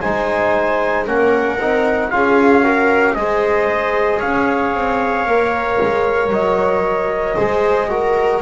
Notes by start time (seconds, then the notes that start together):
0.00 G#3 D#4 C5 G#5
1.05 A#3 C#4 A#4 F#5
1.58 C4 D#4
2.10 C#4 F4 G#4 F5
2.63 F#4 A#4
3.14 G#3 G#4 C5 D#5
4.18 C#4 C#5 F5
4.73 C4
5.26 A#3 A#4
5.82 G#3
6.30 F#3 D#5
7.35 G#3 G#4 C5
7.89 F#4 A#4